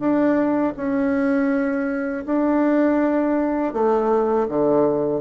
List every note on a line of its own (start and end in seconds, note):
0.00 0.74 D4
0.77 2.25 C#4
2.26 3.74 D4
3.74 4.48 A3
4.49 5.22 D3